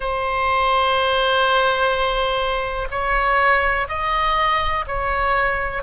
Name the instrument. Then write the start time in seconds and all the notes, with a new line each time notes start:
oboe
0.00 C5
2.90 C#5
3.88 D#5
4.87 C#5